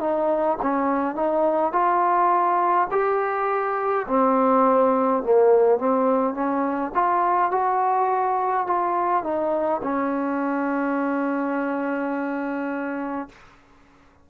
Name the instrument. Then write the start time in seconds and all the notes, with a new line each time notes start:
trombone
0.00 D#4
0.62 C#4
1.15 D#4
1.72 F4
2.91 G4
4.08 C4
5.23 A#3
5.78 C4
6.34 C#4
6.94 F4
7.51 F#4
8.66 F4
9.24 D#4
9.82 C#4